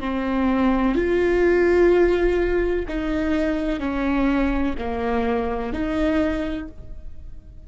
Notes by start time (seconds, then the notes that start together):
0.00 C4
0.95 F4
2.88 D#4
3.80 C#4
4.78 A#3
5.73 D#4